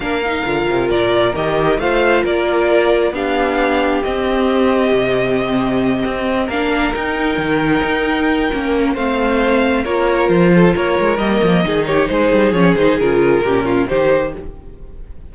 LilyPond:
<<
  \new Staff \with { instrumentName = "violin" } { \time 4/4 \tempo 4 = 134 f''2 d''4 dis''4 | f''4 d''2 f''4~ | f''4 dis''2.~ | dis''2~ dis''8 f''4 g''8~ |
g''1 | f''2 cis''4 c''4 | cis''4 dis''4. cis''8 c''4 | cis''8 c''8 ais'2 c''4 | }
  \new Staff \with { instrumentName = "violin" } { \time 4/4 ais'1 | c''4 ais'2 g'4~ | g'1~ | g'2~ g'8 ais'4.~ |
ais'1 | c''2 ais'4. a'8 | ais'2 gis'8 g'8 gis'4~ | gis'2 g'8 f'8 g'4 | }
  \new Staff \with { instrumentName = "viola" } { \time 4/4 d'8 dis'8 f'2 g'4 | f'2. d'4~ | d'4 c'2.~ | c'2~ c'8 d'4 dis'8~ |
dis'2. cis'4 | c'2 f'2~ | f'4 ais4 dis'2 | cis'8 dis'8 f'4 cis'4 dis'4 | }
  \new Staff \with { instrumentName = "cello" } { \time 4/4 ais4 d8 c8 ais,4 dis4 | a4 ais2 b4~ | b4 c'2 c4~ | c4. c'4 ais4 dis'8~ |
dis'8 dis4 dis'4. ais4 | a2 ais4 f4 | ais8 gis8 g8 f8 dis4 gis8 g8 | f8 dis8 cis4 ais,4 dis4 | }
>>